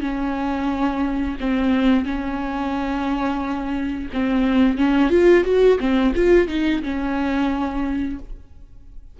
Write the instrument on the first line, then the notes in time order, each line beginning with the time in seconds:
viola
0.00 C#4
1.40 C4
2.05 C#4
4.12 C4
4.77 C#4
5.10 F4
5.44 F#4
5.79 C4
6.15 F4
6.47 D#4
6.82 C#4